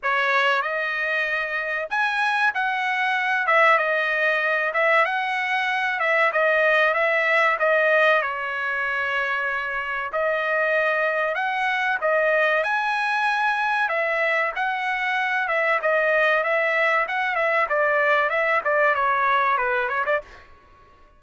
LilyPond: \new Staff \with { instrumentName = "trumpet" } { \time 4/4 \tempo 4 = 95 cis''4 dis''2 gis''4 | fis''4. e''8 dis''4. e''8 | fis''4. e''8 dis''4 e''4 | dis''4 cis''2. |
dis''2 fis''4 dis''4 | gis''2 e''4 fis''4~ | fis''8 e''8 dis''4 e''4 fis''8 e''8 | d''4 e''8 d''8 cis''4 b'8 cis''16 d''16 | }